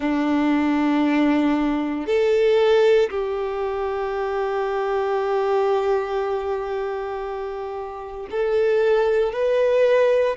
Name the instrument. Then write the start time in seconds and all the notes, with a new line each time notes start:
violin
0.00 D4
2.06 A4
3.10 G4
8.30 A4
9.32 B4